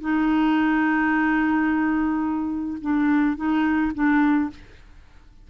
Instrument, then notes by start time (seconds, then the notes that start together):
clarinet
0.00 D#4
2.81 D4
3.36 D#4
3.94 D4